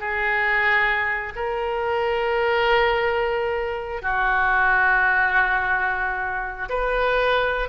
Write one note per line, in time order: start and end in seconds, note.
0.00 1.33 G#4
1.36 4.02 A#4
4.02 6.69 F#4
6.70 7.69 B4